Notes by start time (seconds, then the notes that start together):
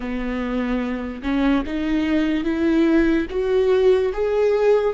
0.00 B3
1.22 C#4
1.66 D#4
2.44 E4
3.30 F#4
4.13 G#4